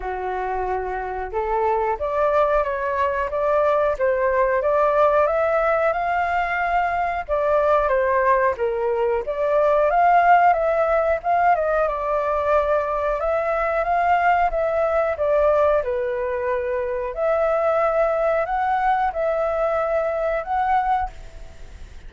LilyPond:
\new Staff \with { instrumentName = "flute" } { \time 4/4 \tempo 4 = 91 fis'2 a'4 d''4 | cis''4 d''4 c''4 d''4 | e''4 f''2 d''4 | c''4 ais'4 d''4 f''4 |
e''4 f''8 dis''8 d''2 | e''4 f''4 e''4 d''4 | b'2 e''2 | fis''4 e''2 fis''4 | }